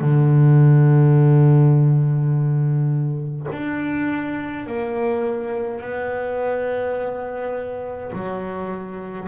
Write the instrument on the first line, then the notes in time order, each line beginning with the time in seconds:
double bass
0.00 D3
3.52 D4
4.66 A#3
5.81 B3
8.12 F#3